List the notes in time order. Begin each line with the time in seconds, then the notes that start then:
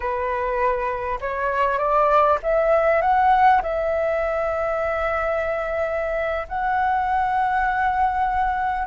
0.00 B4
1.20 C#5
1.78 D5
2.42 E5
3.01 F#5
3.62 E5
6.48 F#5